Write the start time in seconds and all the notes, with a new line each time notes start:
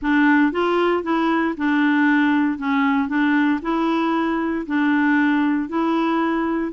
0.01 D4
0.52 F4
1.03 E4
1.57 D4
2.58 C#4
3.08 D4
3.62 E4
4.66 D4
5.68 E4